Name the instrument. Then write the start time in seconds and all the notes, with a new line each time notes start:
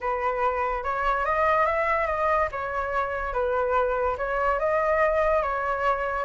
flute
0.00 B4
0.83 C#5
1.25 D#5
1.66 E5
2.07 D#5
2.51 C#5
3.33 B4
4.17 C#5
4.59 D#5
5.42 C#5